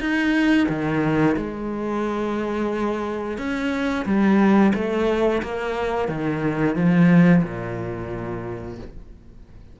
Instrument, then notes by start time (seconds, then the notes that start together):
cello
0.00 D#4
0.69 D#3
1.37 G#3
3.38 C#4
4.06 G3
4.75 A3
5.43 A#3
6.09 D#3
6.76 F3
7.44 A#2